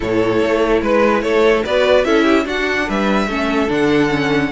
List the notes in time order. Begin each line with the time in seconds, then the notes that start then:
0.00 A2 E4 A4 C#5
0.43 A3
0.82 G#3 B4
1.22 A3 A4 C#5
1.64 B3 F#4 B4 D5
2.04 C#4 E4 A4 E5
2.23 G4
2.45 D4 F#4 F#5
2.87 G3 B4 E5
3.27 A3 C#4 A4
3.68 D3 D4 F#5
4.09 C#4